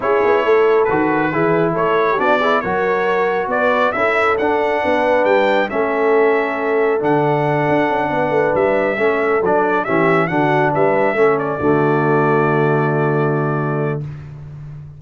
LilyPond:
<<
  \new Staff \with { instrumentName = "trumpet" } { \time 4/4 \tempo 4 = 137 cis''2 b'2 | cis''4 d''4 cis''2 | d''4 e''4 fis''2 | g''4 e''2. |
fis''2.~ fis''8 e''8~ | e''4. d''4 e''4 fis''8~ | fis''8 e''4. d''2~ | d''1 | }
  \new Staff \with { instrumentName = "horn" } { \time 4/4 gis'4 a'2 gis'4 | a'8. g'16 fis'8 gis'8 ais'2 | b'4 a'2 b'4~ | b'4 a'2.~ |
a'2~ a'8 b'4.~ | b'8 a'2 g'4 fis'8~ | fis'8 b'4 a'4 fis'4.~ | fis'1 | }
  \new Staff \with { instrumentName = "trombone" } { \time 4/4 e'2 fis'4 e'4~ | e'4 d'8 e'8 fis'2~ | fis'4 e'4 d'2~ | d'4 cis'2. |
d'1~ | d'8 cis'4 d'4 cis'4 d'8~ | d'4. cis'4 a4.~ | a1 | }
  \new Staff \with { instrumentName = "tuba" } { \time 4/4 cis'8 b8 a4 dis4 e4 | a4 b4 fis2 | b4 cis'4 d'4 b4 | g4 a2. |
d4. d'8 cis'8 b8 a8 g8~ | g8 a4 fis4 e4 d8~ | d8 g4 a4 d4.~ | d1 | }
>>